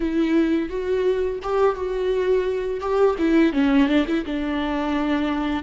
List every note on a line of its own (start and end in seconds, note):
0.00 0.69 E4
0.69 1.39 F#4
1.42 1.75 G4
1.75 2.80 F#4
2.80 3.15 G4
3.18 3.52 E4
3.52 3.88 C#4
3.88 4.05 D4
4.07 4.24 E4
4.25 5.63 D4